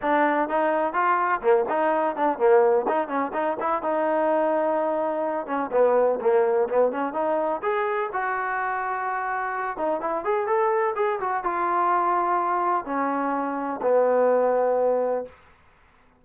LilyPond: \new Staff \with { instrumentName = "trombone" } { \time 4/4 \tempo 4 = 126 d'4 dis'4 f'4 ais8 dis'8~ | dis'8 d'8 ais4 dis'8 cis'8 dis'8 e'8 | dis'2.~ dis'8 cis'8 | b4 ais4 b8 cis'8 dis'4 |
gis'4 fis'2.~ | fis'8 dis'8 e'8 gis'8 a'4 gis'8 fis'8 | f'2. cis'4~ | cis'4 b2. | }